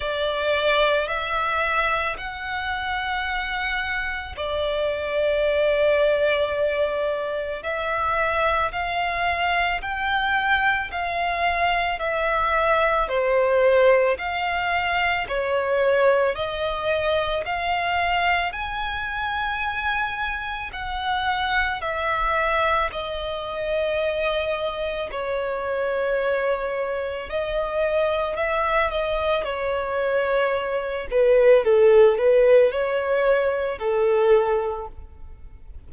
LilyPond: \new Staff \with { instrumentName = "violin" } { \time 4/4 \tempo 4 = 55 d''4 e''4 fis''2 | d''2. e''4 | f''4 g''4 f''4 e''4 | c''4 f''4 cis''4 dis''4 |
f''4 gis''2 fis''4 | e''4 dis''2 cis''4~ | cis''4 dis''4 e''8 dis''8 cis''4~ | cis''8 b'8 a'8 b'8 cis''4 a'4 | }